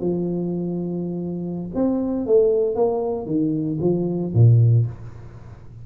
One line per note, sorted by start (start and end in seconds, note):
0.00 1.70 F3
1.75 2.26 C4
2.26 2.75 A3
2.75 3.26 A#3
3.26 3.78 D#3
3.80 4.33 F3
4.34 4.86 A#2